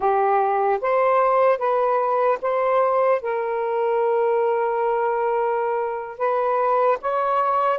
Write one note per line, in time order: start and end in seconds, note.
0.00 0.79 G4
0.81 1.58 C5
1.58 2.38 B4
2.41 3.21 C5
3.21 6.17 A#4
6.17 6.97 B4
7.01 7.78 C#5